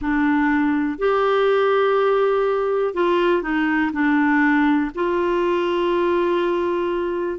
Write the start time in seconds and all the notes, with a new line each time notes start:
0.01 D4
0.98 G4
2.94 F4
3.42 D#4
3.92 D4
4.94 F4